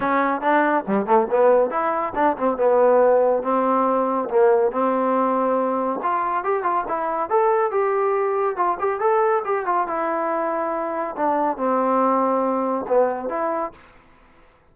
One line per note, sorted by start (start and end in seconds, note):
0.00 0.41 C#4
0.41 0.84 D4
0.87 1.06 G3
1.06 1.27 A3
1.30 1.70 B3
1.70 2.13 E4
2.15 2.36 D4
2.37 2.57 C4
2.57 3.43 B3
3.43 4.28 C4
4.29 4.71 A#3
4.71 6.00 C4
6.02 6.44 F4
6.44 6.63 G4
6.63 6.84 F4
6.88 7.29 E4
7.29 7.71 A4
7.71 8.56 G4
8.56 8.77 F4
8.79 9.00 G4
9.00 9.43 A4
9.44 9.65 G4
9.65 9.87 F4
9.87 11.15 E4
11.16 11.57 D4
11.57 12.85 C4
12.87 13.29 B3
13.29 13.72 E4